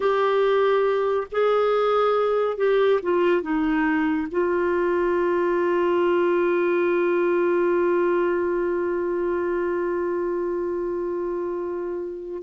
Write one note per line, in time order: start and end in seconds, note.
0.00 1.27 G4
1.31 2.57 G#4
2.57 3.00 G4
3.02 3.41 F4
3.41 4.27 D#4
4.31 12.42 F4